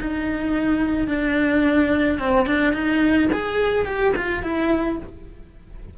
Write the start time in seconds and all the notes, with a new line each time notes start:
0.00 D#4
1.07 D4
2.18 C4
2.46 D4
2.73 D#4
3.32 G#4
3.85 G4
4.15 F4
4.42 E4